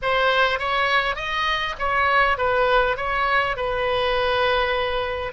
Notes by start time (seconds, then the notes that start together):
0.01 C5
0.59 C#5
1.15 D#5
1.78 C#5
2.37 B4
2.96 C#5
3.56 B4